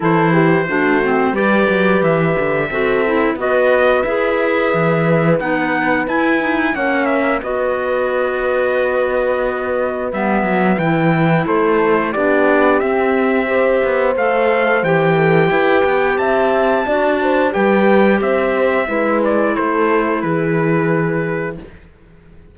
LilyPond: <<
  \new Staff \with { instrumentName = "trumpet" } { \time 4/4 \tempo 4 = 89 c''2 d''4 e''4~ | e''4 dis''4 e''2 | fis''4 gis''4 fis''8 e''8 dis''4~ | dis''2. e''4 |
g''4 c''4 d''4 e''4~ | e''4 f''4 g''2 | a''2 g''4 e''4~ | e''8 d''8 c''4 b'2 | }
  \new Staff \with { instrumentName = "horn" } { \time 4/4 a'8 g'8 fis'4 b'2 | a'4 b'2.~ | b'2 cis''4 b'4~ | b'1~ |
b'4 a'4 g'2 | c''2~ c''8 a'8 b'4 | e''4 d''8 c''8 b'4 c''4 | b'4 a'4 gis'2 | }
  \new Staff \with { instrumentName = "clarinet" } { \time 4/4 e'4 d'8 c'8 g'2 | fis'8 e'8 fis'4 gis'2 | dis'4 e'8 dis'8 cis'4 fis'4~ | fis'2. b4 |
e'2 d'4 c'4 | g'4 a'4 g'2~ | g'4 fis'4 g'2 | e'1 | }
  \new Staff \with { instrumentName = "cello" } { \time 4/4 e4 a4 g8 fis8 e8 d8 | c'4 b4 e'4 e4 | b4 e'4 ais4 b4~ | b2. g8 fis8 |
e4 a4 b4 c'4~ | c'8 b8 a4 e4 e'8 b8 | c'4 d'4 g4 c'4 | gis4 a4 e2 | }
>>